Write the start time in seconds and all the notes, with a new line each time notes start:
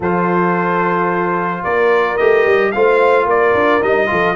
0.00 F3 F4 A4 C5
1.63 A#3 A#4 D5
2.17 A3 G4 D#5
2.45 G3
2.71 A3 F4 C5 F5
3.25 A#3 A#4 D5
3.54 D4
3.81 G3 D#4 D#5
4.07 F3 F4 A4